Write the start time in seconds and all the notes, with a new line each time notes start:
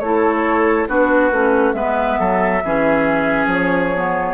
0.00 A3 E4 A4 C#5
0.88 B3 D4 F#4 B4
1.32 A3 C#4
1.73 G#3 B3 B4 E5
2.20 F#3 A4
2.64 E3 C#4 G#4
3.47 F3 C#5
3.96 B3